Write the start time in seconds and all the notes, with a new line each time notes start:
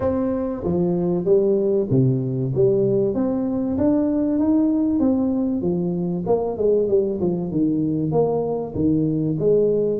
0.00 C4
0.63 F3
1.24 G3
1.90 C3
2.55 G3
3.14 C4
3.77 D4
4.39 D#4
4.99 C4
5.61 F3
6.26 A#3
6.57 G#3
6.88 G3
7.20 F3
7.51 D#3
8.11 A#3
8.74 D#3
9.39 G#3